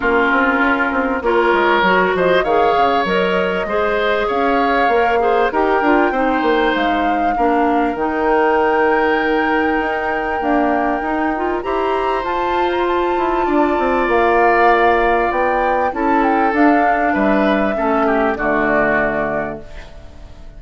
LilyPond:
<<
  \new Staff \with { instrumentName = "flute" } { \time 4/4 \tempo 4 = 98 ais'2 cis''4. dis''8 | f''4 dis''2 f''4~ | f''4 g''2 f''4~ | f''4 g''2.~ |
g''2. ais''4 | a''8. ais''16 a''2 f''4~ | f''4 g''4 a''8 g''8 f''4 | e''2 d''2 | }
  \new Staff \with { instrumentName = "oboe" } { \time 4/4 f'2 ais'4. c''8 | cis''2 c''4 cis''4~ | cis''8 c''8 ais'4 c''2 | ais'1~ |
ais'2. c''4~ | c''2 d''2~ | d''2 a'2 | b'4 a'8 g'8 fis'2 | }
  \new Staff \with { instrumentName = "clarinet" } { \time 4/4 cis'2 f'4 fis'4 | gis'4 ais'4 gis'2 | ais'8 gis'8 g'8 f'8 dis'2 | d'4 dis'2.~ |
dis'4 ais4 dis'8 f'8 g'4 | f'1~ | f'2 e'4 d'4~ | d'4 cis'4 a2 | }
  \new Staff \with { instrumentName = "bassoon" } { \time 4/4 ais8 c'8 cis'8 c'8 ais8 gis8 fis8 f8 | dis8 cis8 fis4 gis4 cis'4 | ais4 dis'8 d'8 c'8 ais8 gis4 | ais4 dis2. |
dis'4 d'4 dis'4 e'4 | f'4. e'8 d'8 c'8 ais4~ | ais4 b4 cis'4 d'4 | g4 a4 d2 | }
>>